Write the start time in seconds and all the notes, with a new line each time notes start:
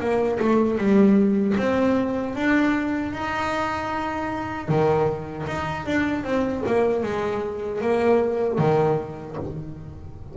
0.00 A#3
0.39 A3
0.78 G3
1.58 C4
2.35 D4
3.13 D#4
4.68 D#3
5.47 D#4
5.86 D4
6.24 C4
6.67 A#3
7.03 G#3
7.81 A#3
8.58 D#3